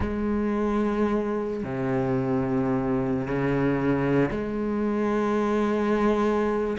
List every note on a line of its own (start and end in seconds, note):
0.00 1.63 G#3
1.63 3.27 C3
3.27 4.30 C#3
4.30 6.77 G#3